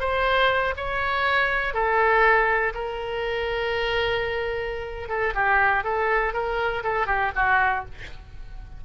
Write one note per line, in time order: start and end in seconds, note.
0.00 0.74 C5
0.77 1.74 C#5
1.74 2.73 A4
2.74 5.08 A#4
5.08 5.33 A4
5.34 5.84 G4
5.84 6.33 A4
6.33 6.83 A#4
6.83 7.06 A4
7.06 7.31 G4
7.35 7.85 F#4